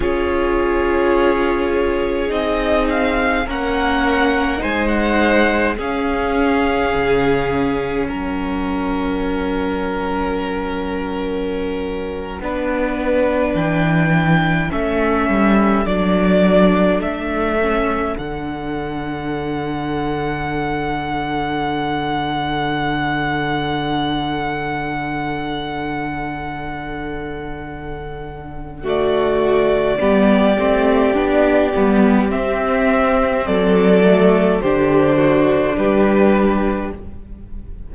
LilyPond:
<<
  \new Staff \with { instrumentName = "violin" } { \time 4/4 \tempo 4 = 52 cis''2 dis''8 f''8 fis''4 | gis''16 fis''8. f''2 fis''4~ | fis''2.~ fis''8. g''16~ | g''8. e''4 d''4 e''4 fis''16~ |
fis''1~ | fis''1~ | fis''4 d''2. | e''4 d''4 c''4 b'4 | }
  \new Staff \with { instrumentName = "violin" } { \time 4/4 gis'2. ais'4 | c''4 gis'2 ais'4~ | ais'2~ ais'8. b'4~ b'16~ | b'8. a'2.~ a'16~ |
a'1~ | a'1~ | a'4 fis'4 g'2~ | g'4 a'4 g'8 fis'8 g'4 | }
  \new Staff \with { instrumentName = "viola" } { \time 4/4 f'2 dis'4 cis'4 | dis'4 cis'2.~ | cis'2~ cis'8. d'4~ d'16~ | d'8. cis'4 d'4. cis'8 d'16~ |
d'1~ | d'1~ | d'4 a4 b8 c'8 d'8 b8 | c'4. a8 d'2 | }
  \new Staff \with { instrumentName = "cello" } { \time 4/4 cis'2 c'4 ais4 | gis4 cis'4 cis4 fis4~ | fis2~ fis8. b4 e16~ | e8. a8 g8 fis4 a4 d16~ |
d1~ | d1~ | d2 g8 a8 b8 g8 | c'4 fis4 d4 g4 | }
>>